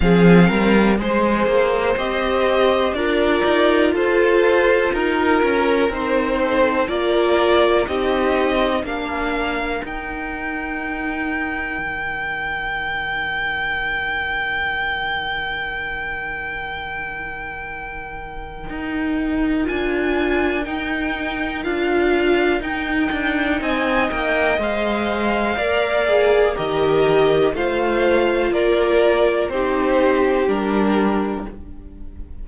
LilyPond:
<<
  \new Staff \with { instrumentName = "violin" } { \time 4/4 \tempo 4 = 61 f''4 c''4 dis''4 d''4 | c''4 ais'4 c''4 d''4 | dis''4 f''4 g''2~ | g''1~ |
g''1 | gis''4 g''4 f''4 g''4 | gis''8 g''8 f''2 dis''4 | f''4 d''4 c''4 ais'4 | }
  \new Staff \with { instrumentName = "violin" } { \time 4/4 gis'8 ais'8 c''2 ais'4 | a'4 ais'4. a'8 ais'4 | g'4 ais'2.~ | ais'1~ |
ais'1~ | ais'1 | dis''2 d''4 ais'4 | c''4 ais'4 g'2 | }
  \new Staff \with { instrumentName = "viola" } { \time 4/4 c'4 gis'4 g'4 f'4~ | f'2 dis'4 f'4 | dis'4 d'4 dis'2~ | dis'1~ |
dis'1 | f'4 dis'4 f'4 dis'4~ | dis'4 c''4 ais'8 gis'8 g'4 | f'2 dis'4 d'4 | }
  \new Staff \with { instrumentName = "cello" } { \time 4/4 f8 g8 gis8 ais8 c'4 d'8 dis'8 | f'4 dis'8 cis'8 c'4 ais4 | c'4 ais4 dis'2 | dis1~ |
dis2. dis'4 | d'4 dis'4 d'4 dis'8 d'8 | c'8 ais8 gis4 ais4 dis4 | a4 ais4 c'4 g4 | }
>>